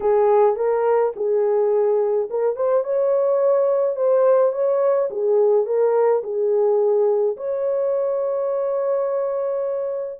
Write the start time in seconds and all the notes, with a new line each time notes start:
0.00 G#4
0.56 A#4
1.16 G#4
2.30 A#4
2.56 C5
2.84 C#5
3.95 C5
4.52 C#5
5.10 G#4
5.66 A#4
6.23 G#4
7.36 C#5